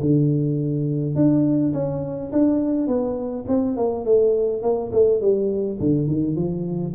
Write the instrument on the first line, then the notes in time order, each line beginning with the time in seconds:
tuba
0.00 D3
1.15 D4
1.73 C#4
2.32 D4
2.87 B3
3.47 C4
3.76 A#3
4.05 A3
4.62 A#3
4.92 A3
5.21 G3
5.80 D3
6.07 D#3
6.35 F3